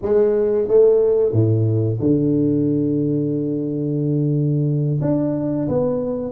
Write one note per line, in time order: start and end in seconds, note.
0.02 0.68 G#3
0.68 1.32 A3
1.32 1.98 A2
2.00 5.00 D3
5.01 5.68 D4
5.68 6.32 B3